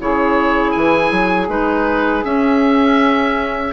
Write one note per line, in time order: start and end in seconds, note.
0.00 0.75 C#3
0.00 1.48 E4
0.00 3.73 G#4
0.00 0.72 C#5
0.72 1.11 E3
0.72 1.47 G#5
1.11 1.49 F#3
1.48 2.24 G#3
1.48 2.23 D#4
1.48 2.25 B4
2.24 3.73 C#4
2.24 3.73 E5